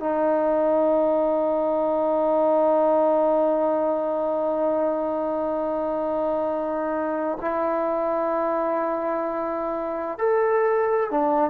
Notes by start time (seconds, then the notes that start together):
0.00 D#4
7.41 E4
10.18 A4
11.11 D4